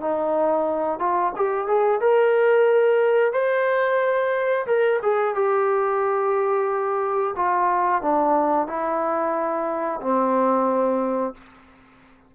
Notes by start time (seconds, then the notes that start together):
0.00 D#4
0.99 F4
1.36 G4
1.67 G#4
2.01 A#4
3.32 C5
4.66 A#4
5.02 G#4
5.35 G4
7.35 F4
8.02 D4
8.67 E4
10.00 C4